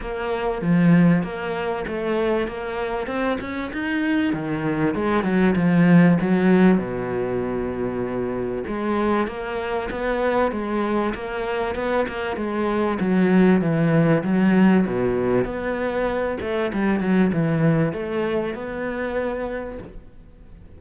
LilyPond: \new Staff \with { instrumentName = "cello" } { \time 4/4 \tempo 4 = 97 ais4 f4 ais4 a4 | ais4 c'8 cis'8 dis'4 dis4 | gis8 fis8 f4 fis4 b,4~ | b,2 gis4 ais4 |
b4 gis4 ais4 b8 ais8 | gis4 fis4 e4 fis4 | b,4 b4. a8 g8 fis8 | e4 a4 b2 | }